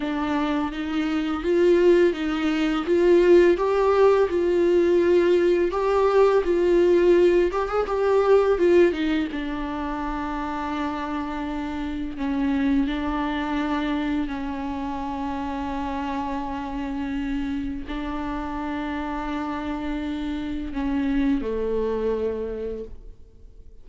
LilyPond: \new Staff \with { instrumentName = "viola" } { \time 4/4 \tempo 4 = 84 d'4 dis'4 f'4 dis'4 | f'4 g'4 f'2 | g'4 f'4. g'16 gis'16 g'4 | f'8 dis'8 d'2.~ |
d'4 cis'4 d'2 | cis'1~ | cis'4 d'2.~ | d'4 cis'4 a2 | }